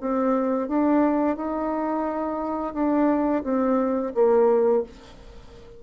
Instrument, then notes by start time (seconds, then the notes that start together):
bassoon
0.00 C4
0.68 D4
1.36 D#4
2.74 D4
3.44 C4
4.14 A#3